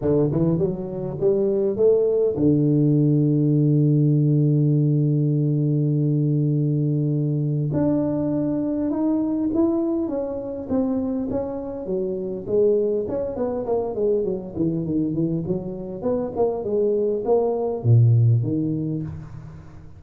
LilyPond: \new Staff \with { instrumentName = "tuba" } { \time 4/4 \tempo 4 = 101 d8 e8 fis4 g4 a4 | d1~ | d1~ | d4 d'2 dis'4 |
e'4 cis'4 c'4 cis'4 | fis4 gis4 cis'8 b8 ais8 gis8 | fis8 e8 dis8 e8 fis4 b8 ais8 | gis4 ais4 ais,4 dis4 | }